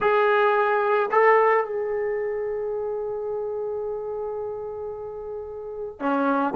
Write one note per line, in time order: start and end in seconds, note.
0.00 1.10 G#4
1.11 1.64 A4
1.64 5.99 G#4
5.99 6.54 C#4